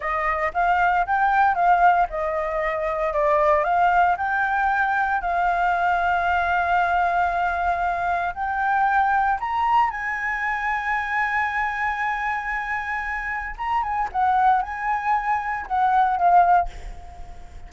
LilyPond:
\new Staff \with { instrumentName = "flute" } { \time 4/4 \tempo 4 = 115 dis''4 f''4 g''4 f''4 | dis''2 d''4 f''4 | g''2 f''2~ | f''1 |
g''2 ais''4 gis''4~ | gis''1~ | gis''2 ais''8 gis''8 fis''4 | gis''2 fis''4 f''4 | }